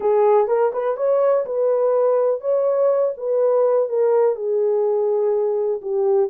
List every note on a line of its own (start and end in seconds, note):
0.00 0.47 G#4
0.47 0.71 A#4
0.72 0.97 B4
0.97 1.45 C#5
1.45 2.41 B4
2.41 3.13 C#5
3.17 3.88 B4
3.88 4.35 A#4
4.35 5.81 G#4
5.81 6.30 G4